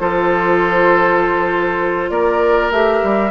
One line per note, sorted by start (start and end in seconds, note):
0.00 2.10 F3
0.00 2.72 F4
0.00 2.11 A4
0.00 2.10 C5
2.10 2.71 A#3
2.10 3.31 A#4
2.10 2.71 D5
2.71 3.01 A3
2.71 3.31 G4
2.71 3.31 E5
3.03 3.31 G3